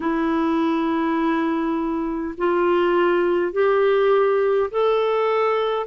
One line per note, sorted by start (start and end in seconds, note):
0.00 2.34 E4
2.37 3.52 F4
3.52 4.70 G4
4.71 5.86 A4